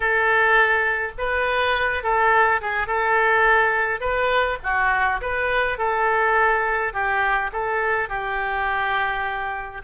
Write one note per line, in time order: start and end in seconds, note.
0.00 1.11 A4
1.17 2.03 B4
2.03 2.60 A4
2.61 2.87 G#4
2.87 4.00 A4
4.00 4.58 B4
4.63 5.21 F#4
5.21 5.77 B4
5.77 6.93 A4
6.93 7.50 G4
7.52 8.08 A4
8.08 9.82 G4